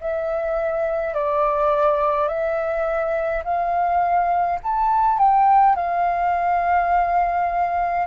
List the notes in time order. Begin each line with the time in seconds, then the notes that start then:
0.00 E5
1.14 D5
2.28 E5
3.44 F5
4.63 A5
5.18 G5
5.75 F5